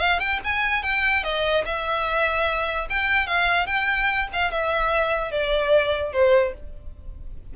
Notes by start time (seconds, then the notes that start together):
0.00 F5
0.20 G5
0.44 G#5
0.83 G5
1.24 D#5
1.65 E5
2.90 G5
3.27 F5
3.67 G5
4.33 F5
4.51 E5
5.32 D5
6.13 C5